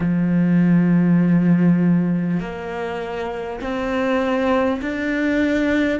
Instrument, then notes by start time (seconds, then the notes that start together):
cello
0.00 F3
2.39 A#3
3.60 C4
4.81 D4